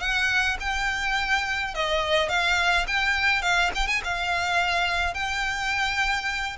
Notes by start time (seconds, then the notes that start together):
0.00 F#5
0.60 G5
1.75 D#5
2.29 F5
2.87 G5
3.42 F5
3.75 G5
3.87 G#5
4.04 F5
5.14 G5